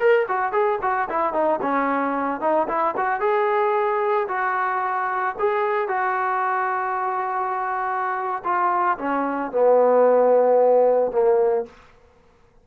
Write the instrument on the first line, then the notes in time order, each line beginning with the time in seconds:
trombone
0.00 A#4
0.28 F#4
0.52 G#4
0.82 F#4
1.09 E4
1.33 D#4
1.62 C#4
2.41 D#4
2.68 E4
2.97 F#4
3.20 G#4
4.28 F#4
5.39 G#4
5.89 F#4
8.44 F4
8.98 C#4
9.52 B3
11.12 A#3